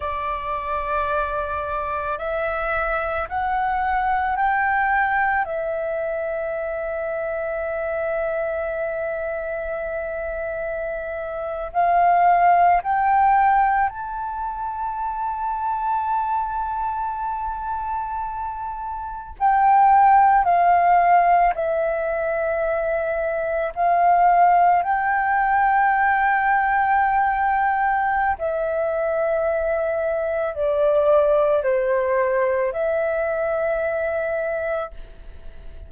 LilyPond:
\new Staff \with { instrumentName = "flute" } { \time 4/4 \tempo 4 = 55 d''2 e''4 fis''4 | g''4 e''2.~ | e''2~ e''8. f''4 g''16~ | g''8. a''2.~ a''16~ |
a''4.~ a''16 g''4 f''4 e''16~ | e''4.~ e''16 f''4 g''4~ g''16~ | g''2 e''2 | d''4 c''4 e''2 | }